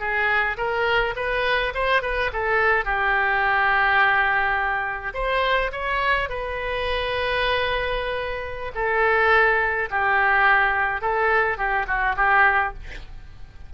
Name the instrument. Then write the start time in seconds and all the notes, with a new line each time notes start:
oboe
0.00 G#4
0.58 A#4
1.17 B4
1.75 C5
2.03 B4
2.33 A4
2.85 G4
5.15 C5
5.72 C#5
6.30 B4
8.75 A4
9.91 G4
11.02 A4
11.58 G4
11.88 F#4
12.17 G4